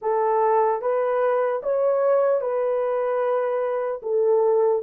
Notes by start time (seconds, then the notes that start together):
0.01 A4
0.81 B4
1.62 C#5
2.41 B4
4.02 A4